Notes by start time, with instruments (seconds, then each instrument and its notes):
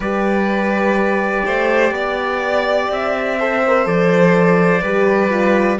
0.00 cello G3, horn G4, violin B4, trumpet D5
1.45 cello A3, violin C5
1.91 cello B3, violin D5
2.90 cello C4, trumpet E5
3.39 horn A4, violin C5
3.67 horn A#4
3.84 cello F3, horn A4, trumpet D5
4.81 cello G3, horn G4, violin B4
5.30 horn F4